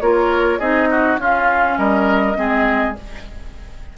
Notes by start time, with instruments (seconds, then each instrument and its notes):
0.00 bassoon A#3, clarinet F4, oboe A#4, flute C#5
0.59 bassoon C4, clarinet D#4, oboe G#4, flute D#5
0.91 oboe F#4
1.18 bassoon C#4, clarinet C#4, oboe F4, flute F5
1.78 bassoon G3, oboe A#4, flute D#5
2.35 bassoon G#3, clarinet C4, oboe G#4